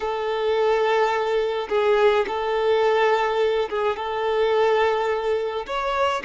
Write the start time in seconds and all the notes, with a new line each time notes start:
0.00 A4
1.69 G#4
2.27 A4
3.69 G#4
3.96 A4
5.66 C#5